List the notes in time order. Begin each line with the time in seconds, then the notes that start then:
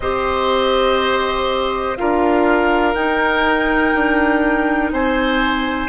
0.00 C4 G4 C5 D#5
1.96 D4 F4 A#4 F5
2.94 D#4 G5
3.94 D4
4.92 C4 C5 G#5